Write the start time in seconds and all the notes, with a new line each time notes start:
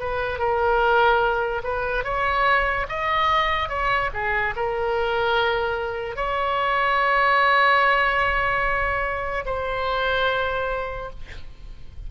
0.00 B4
0.39 A#4
1.64 B4
2.05 C#5
2.89 D#5
3.69 C#5
4.14 G#4
4.57 A#4
6.16 C#5
9.46 C5